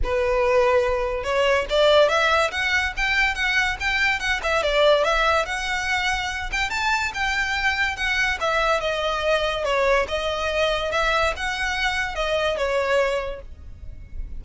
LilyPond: \new Staff \with { instrumentName = "violin" } { \time 4/4 \tempo 4 = 143 b'2. cis''4 | d''4 e''4 fis''4 g''4 | fis''4 g''4 fis''8 e''8 d''4 | e''4 fis''2~ fis''8 g''8 |
a''4 g''2 fis''4 | e''4 dis''2 cis''4 | dis''2 e''4 fis''4~ | fis''4 dis''4 cis''2 | }